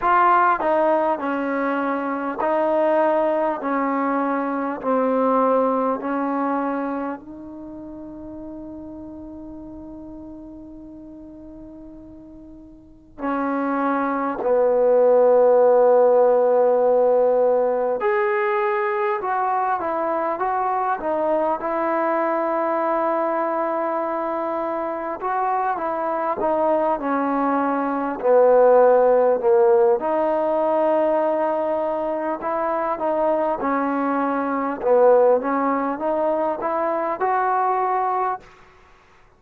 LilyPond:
\new Staff \with { instrumentName = "trombone" } { \time 4/4 \tempo 4 = 50 f'8 dis'8 cis'4 dis'4 cis'4 | c'4 cis'4 dis'2~ | dis'2. cis'4 | b2. gis'4 |
fis'8 e'8 fis'8 dis'8 e'2~ | e'4 fis'8 e'8 dis'8 cis'4 b8~ | b8 ais8 dis'2 e'8 dis'8 | cis'4 b8 cis'8 dis'8 e'8 fis'4 | }